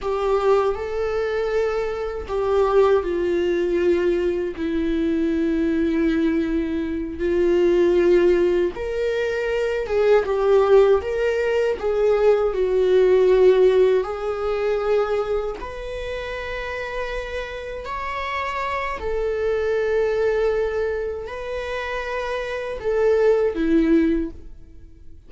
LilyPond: \new Staff \with { instrumentName = "viola" } { \time 4/4 \tempo 4 = 79 g'4 a'2 g'4 | f'2 e'2~ | e'4. f'2 ais'8~ | ais'4 gis'8 g'4 ais'4 gis'8~ |
gis'8 fis'2 gis'4.~ | gis'8 b'2. cis''8~ | cis''4 a'2. | b'2 a'4 e'4 | }